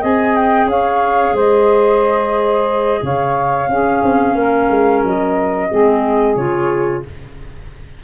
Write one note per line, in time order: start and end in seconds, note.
0.00 0.66 C4
0.00 3.68 G#4
0.00 0.67 D#5
0.00 0.35 G#5
0.35 0.69 G5
0.66 1.32 C#4
0.66 1.34 C#5
0.66 1.36 F5
1.32 2.99 G#3
1.32 3.01 C5
1.32 3.05 D#5
3.02 3.68 C#3
3.02 3.69 C#5
3.02 5.04 F5
3.68 4.02 C#4
3.68 5.70 C#4
3.68 4.36 G#4
4.02 4.35 C4
4.35 4.68 A#3
4.35 5.69 A#4
4.70 5.03 G#3
5.03 5.70 F#3
5.03 6.36 D#5
5.69 6.36 G#3
5.69 6.37 C4
5.69 7.03 G#4
6.36 7.02 C#3
6.36 7.03 F4
6.36 7.02 C#5